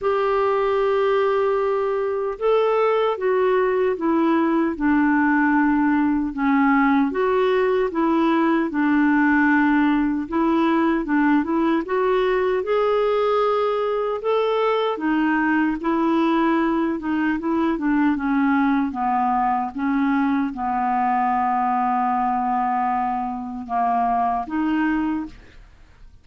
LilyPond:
\new Staff \with { instrumentName = "clarinet" } { \time 4/4 \tempo 4 = 76 g'2. a'4 | fis'4 e'4 d'2 | cis'4 fis'4 e'4 d'4~ | d'4 e'4 d'8 e'8 fis'4 |
gis'2 a'4 dis'4 | e'4. dis'8 e'8 d'8 cis'4 | b4 cis'4 b2~ | b2 ais4 dis'4 | }